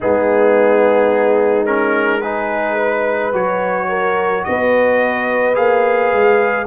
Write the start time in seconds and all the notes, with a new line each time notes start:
0.00 G#3 B3 D#4 G#4
1.66 C#4 A#4
2.21 D#4 G#4 B4
2.75 B4
3.33 F#3 F#4 C#5
3.88 A#4
4.44 B3 B4 D#5
5.54 A#3 G#4 F5
6.12 G#3